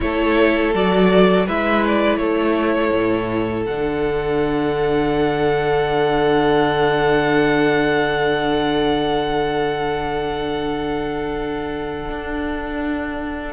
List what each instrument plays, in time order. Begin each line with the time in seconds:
0.00 cello A3, viola E4, violin A4 C#5
0.73 cello F#3, viola F#4, violin D5
1.46 cello G#3, viola E4, violin B4 E5
1.86 violin D5
2.17 cello A3, violin A4 C#5
2.92 cello A2
3.65 cello D3, viola D4, violin F#5
12.09 cello D4